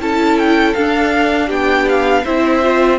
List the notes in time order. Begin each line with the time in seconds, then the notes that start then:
0.00 C#4 E4 A4 A5
0.39 G5
0.74 D4 F5
1.47 B3 G4 G5
1.89 F5
2.23 C4 E4 C5 E5
2.62 F4